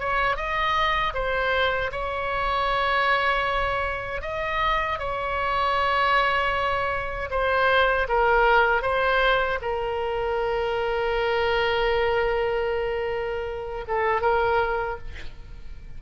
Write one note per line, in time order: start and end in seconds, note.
0.00 0.37 C#5
0.37 1.14 D#5
1.14 1.91 C5
1.92 4.22 C#5
4.22 4.99 D#5
4.99 7.30 C#5
7.31 8.08 C5
8.09 8.83 A#4
8.83 9.59 C5
9.62 13.85 A#4
13.88 14.22 A4
14.22 14.99 A#4